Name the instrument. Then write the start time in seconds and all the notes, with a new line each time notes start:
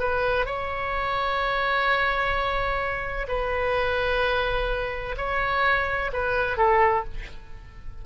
oboe
0.00 B4
0.46 C#5
3.29 B4
5.18 C#5
6.13 B4
6.58 A4